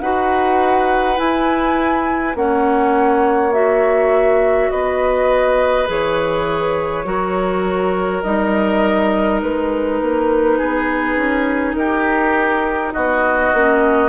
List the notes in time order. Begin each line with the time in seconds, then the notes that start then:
0.00 D#4 F#4 B4 F#5
1.16 E4 G#5
2.35 A#3 C#4 C#5 F#5
3.52 F#4 E5
4.70 B3 B4 D#5
5.87 E3 G#4 C#5
7.04 F#3 F#4 A#4
8.22 G3 D#4 D#5
9.41 G#3 B4
10.00 A#3
10.57 B3 G#4
11.15 C#4
11.75 D#4 G4 A#4
12.92 B3 F#4 D#5
13.53 A#3 C#4